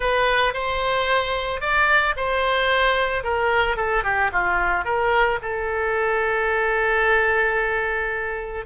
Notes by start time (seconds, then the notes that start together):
0.00 B4
0.53 C5
1.60 D5
2.16 C5
3.23 A#4
3.76 A4
4.03 G4
4.32 F4
4.85 A#4
5.42 A4